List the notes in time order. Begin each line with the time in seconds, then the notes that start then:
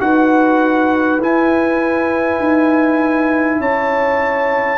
0.00 D#4 F#4 B4 F#5
1.19 E4 G#5
2.40 D#4
3.60 C#4 C#5 A5